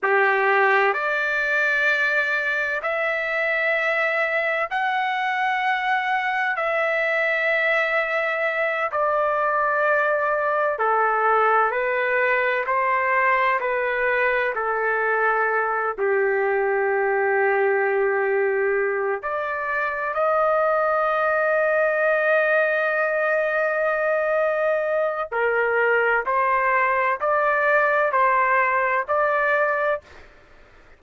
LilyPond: \new Staff \with { instrumentName = "trumpet" } { \time 4/4 \tempo 4 = 64 g'4 d''2 e''4~ | e''4 fis''2 e''4~ | e''4. d''2 a'8~ | a'8 b'4 c''4 b'4 a'8~ |
a'4 g'2.~ | g'8 d''4 dis''2~ dis''8~ | dis''2. ais'4 | c''4 d''4 c''4 d''4 | }